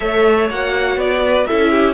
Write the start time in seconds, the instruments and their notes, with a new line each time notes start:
0.00 cello A3, viola A4, violin C#5 E5
0.50 cello A#3, viola F#4, violin F#5
0.96 cello B3, violin D5
1.25 violin B4
1.46 cello C#4, viola E4, violin A4 E5
1.71 violin G4